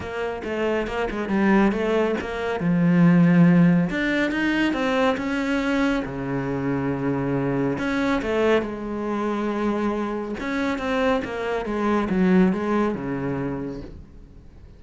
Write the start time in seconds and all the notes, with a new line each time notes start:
0.00 A#3
0.44 A3
0.87 A#3
1.10 G#3
1.28 G3
1.71 A3
2.21 A#3
2.60 F3
3.89 D4
4.31 D#4
4.73 C4
5.17 C#4
6.05 C#3
7.78 C#4
8.22 A3
8.62 G#3
10.39 C#4
10.78 C4
11.24 A#3
11.65 G#3
12.09 F#3
12.52 G#3
12.95 C#3